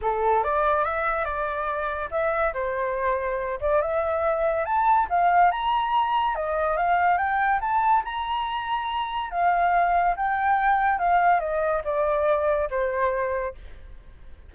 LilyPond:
\new Staff \with { instrumentName = "flute" } { \time 4/4 \tempo 4 = 142 a'4 d''4 e''4 d''4~ | d''4 e''4 c''2~ | c''8 d''8 e''2 a''4 | f''4 ais''2 dis''4 |
f''4 g''4 a''4 ais''4~ | ais''2 f''2 | g''2 f''4 dis''4 | d''2 c''2 | }